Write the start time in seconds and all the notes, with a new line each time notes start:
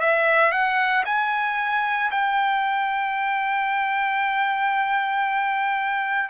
0.00 E5
0.52 F#5
1.06 G#5
2.11 G5